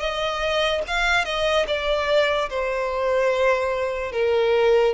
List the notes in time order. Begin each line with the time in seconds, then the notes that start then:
0.00 D#5
0.87 F5
1.25 D#5
1.67 D5
2.50 C5
4.12 A#4